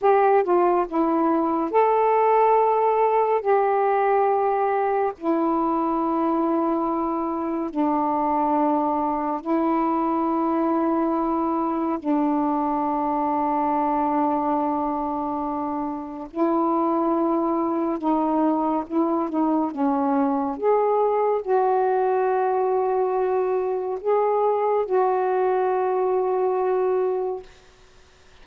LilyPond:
\new Staff \with { instrumentName = "saxophone" } { \time 4/4 \tempo 4 = 70 g'8 f'8 e'4 a'2 | g'2 e'2~ | e'4 d'2 e'4~ | e'2 d'2~ |
d'2. e'4~ | e'4 dis'4 e'8 dis'8 cis'4 | gis'4 fis'2. | gis'4 fis'2. | }